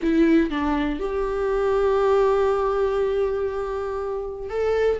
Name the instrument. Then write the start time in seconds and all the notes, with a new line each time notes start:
viola
0.02 E4
0.50 D4
0.99 G4
4.49 A4